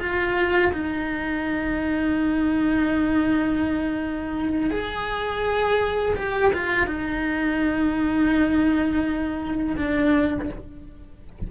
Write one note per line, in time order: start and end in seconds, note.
0.00 0.72 F4
0.73 4.71 D#4
4.71 6.15 G#4
6.16 6.53 G4
6.54 6.87 F4
6.87 9.77 D#4
9.77 10.50 D4